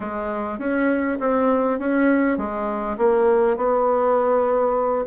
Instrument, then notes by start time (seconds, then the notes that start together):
bassoon
0.00 G#3
0.58 C#4
1.20 C4
1.79 C#4
2.37 G#3
2.97 A#3
3.56 B3